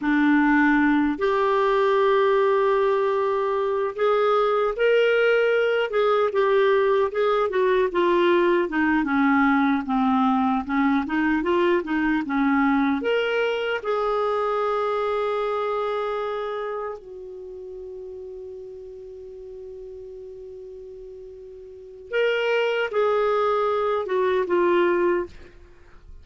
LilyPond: \new Staff \with { instrumentName = "clarinet" } { \time 4/4 \tempo 4 = 76 d'4. g'2~ g'8~ | g'4 gis'4 ais'4. gis'8 | g'4 gis'8 fis'8 f'4 dis'8 cis'8~ | cis'8 c'4 cis'8 dis'8 f'8 dis'8 cis'8~ |
cis'8 ais'4 gis'2~ gis'8~ | gis'4. fis'2~ fis'8~ | fis'1 | ais'4 gis'4. fis'8 f'4 | }